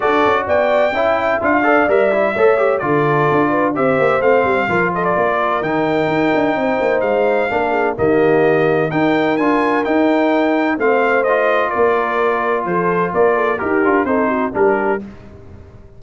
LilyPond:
<<
  \new Staff \with { instrumentName = "trumpet" } { \time 4/4 \tempo 4 = 128 d''4 g''2 f''4 | e''2 d''2 | e''4 f''4. dis''16 d''4~ d''16 | g''2. f''4~ |
f''4 dis''2 g''4 | gis''4 g''2 f''4 | dis''4 d''2 c''4 | d''4 ais'4 c''4 ais'4 | }
  \new Staff \with { instrumentName = "horn" } { \time 4/4 a'4 d''4 e''4. d''8~ | d''4 cis''4 a'4. b'8 | c''2 ais'8 a'8 ais'4~ | ais'2 c''2 |
ais'8 gis'8 g'2 ais'4~ | ais'2. c''4~ | c''4 ais'2 a'4 | ais'8 a'8 g'4 a'8 fis'8 g'4 | }
  \new Staff \with { instrumentName = "trombone" } { \time 4/4 fis'2 e'4 f'8 a'8 | ais'8 e'8 a'8 g'8 f'2 | g'4 c'4 f'2 | dis'1 |
d'4 ais2 dis'4 | f'4 dis'2 c'4 | f'1~ | f'4 g'8 f'8 dis'4 d'4 | }
  \new Staff \with { instrumentName = "tuba" } { \time 4/4 d'8 cis'8 b4 cis'4 d'4 | g4 a4 d4 d'4 | c'8 ais8 a8 g8 f4 ais4 | dis4 dis'8 d'8 c'8 ais8 gis4 |
ais4 dis2 dis'4 | d'4 dis'2 a4~ | a4 ais2 f4 | ais4 dis'8 d'8 c'4 g4 | }
>>